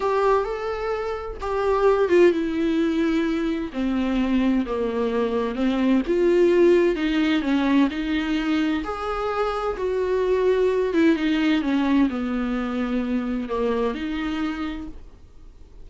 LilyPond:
\new Staff \with { instrumentName = "viola" } { \time 4/4 \tempo 4 = 129 g'4 a'2 g'4~ | g'8 f'8 e'2. | c'2 ais2 | c'4 f'2 dis'4 |
cis'4 dis'2 gis'4~ | gis'4 fis'2~ fis'8 e'8 | dis'4 cis'4 b2~ | b4 ais4 dis'2 | }